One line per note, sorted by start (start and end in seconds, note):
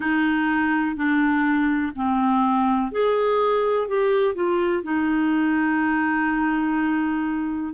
0.00 0.95 D#4
0.95 1.92 D4
1.95 2.91 C4
2.91 3.88 G#4
3.88 4.34 G4
4.34 4.83 F4
4.83 7.73 D#4